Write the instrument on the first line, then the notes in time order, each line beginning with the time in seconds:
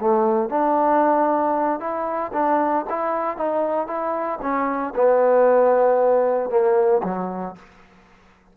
trombone
0.00 A3
0.49 D4
1.80 E4
2.33 D4
2.89 E4
3.37 D#4
3.87 E4
4.42 C#4
4.95 B3
6.50 A#3
7.03 F#3